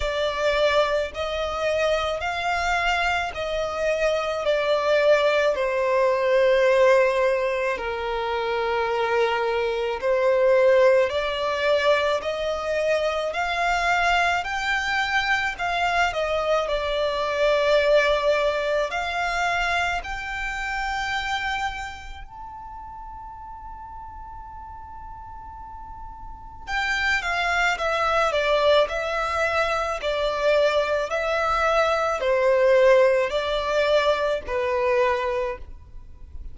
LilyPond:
\new Staff \with { instrumentName = "violin" } { \time 4/4 \tempo 4 = 54 d''4 dis''4 f''4 dis''4 | d''4 c''2 ais'4~ | ais'4 c''4 d''4 dis''4 | f''4 g''4 f''8 dis''8 d''4~ |
d''4 f''4 g''2 | a''1 | g''8 f''8 e''8 d''8 e''4 d''4 | e''4 c''4 d''4 b'4 | }